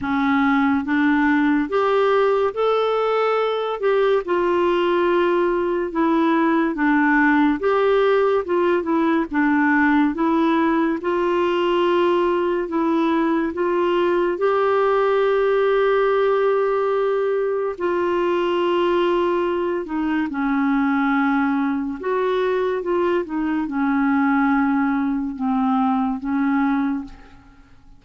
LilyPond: \new Staff \with { instrumentName = "clarinet" } { \time 4/4 \tempo 4 = 71 cis'4 d'4 g'4 a'4~ | a'8 g'8 f'2 e'4 | d'4 g'4 f'8 e'8 d'4 | e'4 f'2 e'4 |
f'4 g'2.~ | g'4 f'2~ f'8 dis'8 | cis'2 fis'4 f'8 dis'8 | cis'2 c'4 cis'4 | }